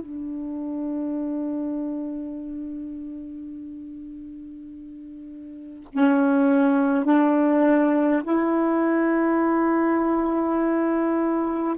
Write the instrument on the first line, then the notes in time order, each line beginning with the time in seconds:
saxophone
0.00 D4
5.93 C#4
7.04 D4
8.23 E4